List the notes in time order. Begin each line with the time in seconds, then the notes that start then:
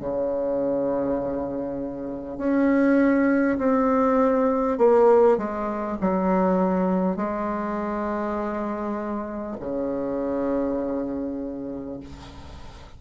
0.00 C#3
2.38 C#4
3.58 C4
4.78 A#3
5.38 G#3
6.02 F#3
7.17 G#3
9.61 C#3